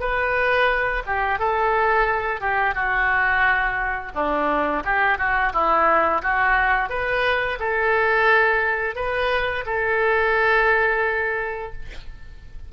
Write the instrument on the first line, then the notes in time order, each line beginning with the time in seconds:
oboe
0.00 B4
1.07 G4
1.39 A4
2.41 G4
2.75 F#4
4.15 D4
4.85 G4
5.18 F#4
5.53 E4
6.22 F#4
6.90 B4
7.59 A4
8.96 B4
9.66 A4